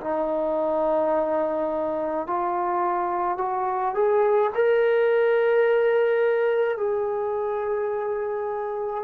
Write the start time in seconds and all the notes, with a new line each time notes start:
0.00 D#4
2.26 F4
3.38 F#4
3.94 G#4
4.55 A#4
6.77 G#4